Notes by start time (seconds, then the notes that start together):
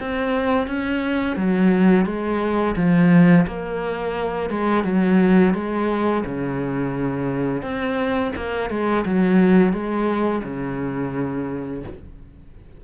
0.00 C4
0.67 C#4
1.37 F#3
2.06 G#3
2.76 F3
3.47 A#3
4.50 G#3
4.84 F#3
5.54 G#3
6.25 C#3
7.63 C4
8.36 A#3
8.70 G#3
9.05 F#3
9.73 G#3
10.44 C#3